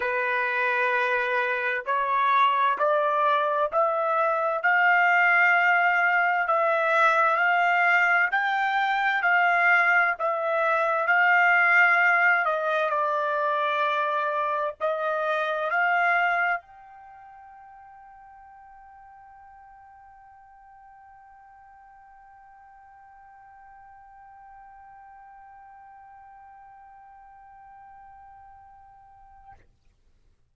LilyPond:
\new Staff \with { instrumentName = "trumpet" } { \time 4/4 \tempo 4 = 65 b'2 cis''4 d''4 | e''4 f''2 e''4 | f''4 g''4 f''4 e''4 | f''4. dis''8 d''2 |
dis''4 f''4 g''2~ | g''1~ | g''1~ | g''1 | }